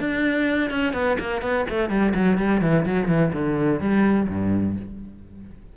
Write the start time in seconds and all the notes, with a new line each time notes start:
0.00 D4
0.71 C#4
0.94 B3
1.20 A#3
1.42 B3
1.70 A3
1.90 G3
2.15 F#3
2.38 G3
2.61 E3
2.86 F#3
3.08 E3
3.33 D3
3.81 G3
4.29 G2